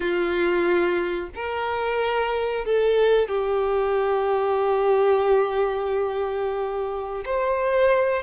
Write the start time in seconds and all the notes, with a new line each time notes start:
0.00 F4
1.35 A#4
2.65 A4
3.28 G4
7.25 C5